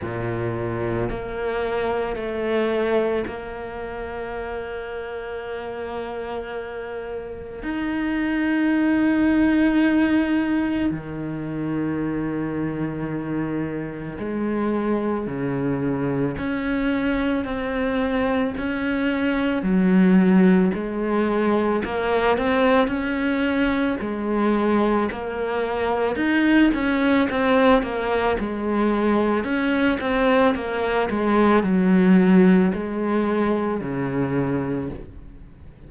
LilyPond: \new Staff \with { instrumentName = "cello" } { \time 4/4 \tempo 4 = 55 ais,4 ais4 a4 ais4~ | ais2. dis'4~ | dis'2 dis2~ | dis4 gis4 cis4 cis'4 |
c'4 cis'4 fis4 gis4 | ais8 c'8 cis'4 gis4 ais4 | dis'8 cis'8 c'8 ais8 gis4 cis'8 c'8 | ais8 gis8 fis4 gis4 cis4 | }